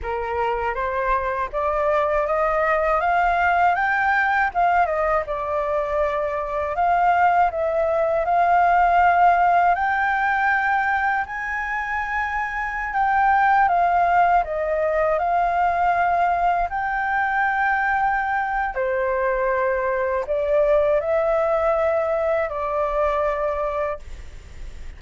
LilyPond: \new Staff \with { instrumentName = "flute" } { \time 4/4 \tempo 4 = 80 ais'4 c''4 d''4 dis''4 | f''4 g''4 f''8 dis''8 d''4~ | d''4 f''4 e''4 f''4~ | f''4 g''2 gis''4~ |
gis''4~ gis''16 g''4 f''4 dis''8.~ | dis''16 f''2 g''4.~ g''16~ | g''4 c''2 d''4 | e''2 d''2 | }